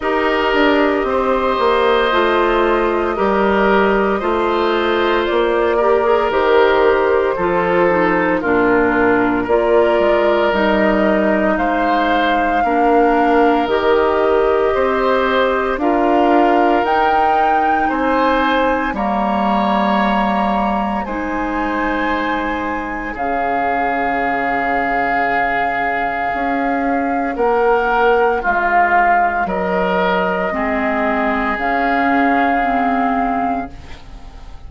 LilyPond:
<<
  \new Staff \with { instrumentName = "flute" } { \time 4/4 \tempo 4 = 57 dis''1~ | dis''4 d''4 c''2 | ais'4 d''4 dis''4 f''4~ | f''4 dis''2 f''4 |
g''4 gis''4 ais''2 | gis''2 f''2~ | f''2 fis''4 f''4 | dis''2 f''2 | }
  \new Staff \with { instrumentName = "oboe" } { \time 4/4 ais'4 c''2 ais'4 | c''4. ais'4. a'4 | f'4 ais'2 c''4 | ais'2 c''4 ais'4~ |
ais'4 c''4 cis''2 | c''2 gis'2~ | gis'2 ais'4 f'4 | ais'4 gis'2. | }
  \new Staff \with { instrumentName = "clarinet" } { \time 4/4 g'2 f'4 g'4 | f'4. g'16 gis'16 g'4 f'8 dis'8 | d'4 f'4 dis'2 | d'4 g'2 f'4 |
dis'2 ais2 | dis'2 cis'2~ | cis'1~ | cis'4 c'4 cis'4 c'4 | }
  \new Staff \with { instrumentName = "bassoon" } { \time 4/4 dis'8 d'8 c'8 ais8 a4 g4 | a4 ais4 dis4 f4 | ais,4 ais8 gis8 g4 gis4 | ais4 dis4 c'4 d'4 |
dis'4 c'4 g2 | gis2 cis2~ | cis4 cis'4 ais4 gis4 | fis4 gis4 cis2 | }
>>